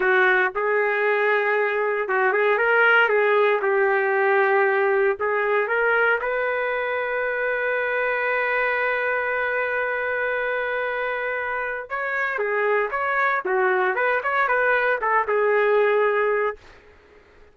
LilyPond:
\new Staff \with { instrumentName = "trumpet" } { \time 4/4 \tempo 4 = 116 fis'4 gis'2. | fis'8 gis'8 ais'4 gis'4 g'4~ | g'2 gis'4 ais'4 | b'1~ |
b'1~ | b'2. cis''4 | gis'4 cis''4 fis'4 b'8 cis''8 | b'4 a'8 gis'2~ gis'8 | }